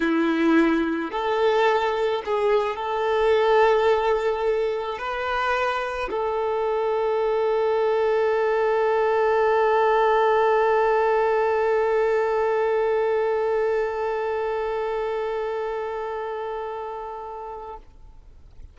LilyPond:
\new Staff \with { instrumentName = "violin" } { \time 4/4 \tempo 4 = 108 e'2 a'2 | gis'4 a'2.~ | a'4 b'2 a'4~ | a'1~ |
a'1~ | a'1~ | a'1~ | a'1 | }